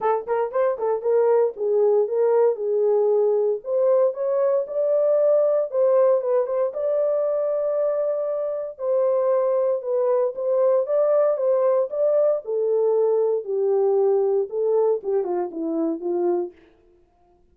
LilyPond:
\new Staff \with { instrumentName = "horn" } { \time 4/4 \tempo 4 = 116 a'8 ais'8 c''8 a'8 ais'4 gis'4 | ais'4 gis'2 c''4 | cis''4 d''2 c''4 | b'8 c''8 d''2.~ |
d''4 c''2 b'4 | c''4 d''4 c''4 d''4 | a'2 g'2 | a'4 g'8 f'8 e'4 f'4 | }